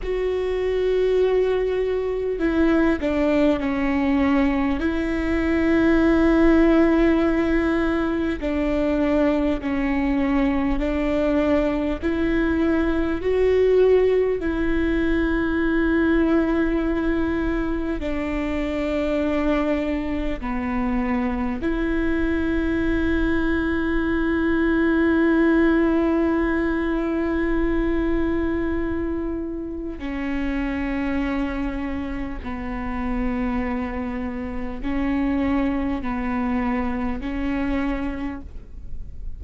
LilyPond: \new Staff \with { instrumentName = "viola" } { \time 4/4 \tempo 4 = 50 fis'2 e'8 d'8 cis'4 | e'2. d'4 | cis'4 d'4 e'4 fis'4 | e'2. d'4~ |
d'4 b4 e'2~ | e'1~ | e'4 cis'2 b4~ | b4 cis'4 b4 cis'4 | }